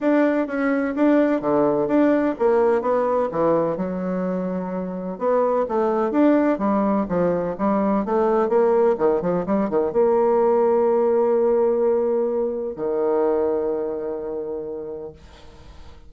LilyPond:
\new Staff \with { instrumentName = "bassoon" } { \time 4/4 \tempo 4 = 127 d'4 cis'4 d'4 d4 | d'4 ais4 b4 e4 | fis2. b4 | a4 d'4 g4 f4 |
g4 a4 ais4 dis8 f8 | g8 dis8 ais2.~ | ais2. dis4~ | dis1 | }